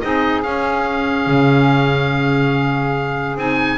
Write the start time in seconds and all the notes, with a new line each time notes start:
0.00 C4 D#4 G#4 D#5
0.43 C#4 F5
1.27 C#3
3.37 C4 D#4 G#5